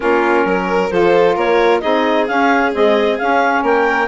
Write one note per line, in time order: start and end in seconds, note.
0.00 0.44 A#3
0.00 0.89 C#4
0.00 0.47 F4
0.00 0.89 A#4
0.44 0.90 F#3
0.44 0.92 A#4
0.89 1.36 F3
0.89 1.81 F4
0.89 1.35 A4
0.89 1.34 C5
1.35 1.81 A#3
1.35 1.81 A#4
1.35 1.80 C#5
1.80 2.28 C4
1.80 2.26 D#4
1.80 3.62 G#4
1.80 2.26 D#5
2.27 2.71 C#4
2.27 2.74 C#4
2.27 2.72 F5
2.71 3.16 G#3
2.71 3.19 C4
2.71 3.18 D#5
3.18 4.07 C#4
3.18 3.62 C#4
3.18 3.63 F5
3.62 4.07 A#3
3.62 4.07 A#4
3.62 4.07 G5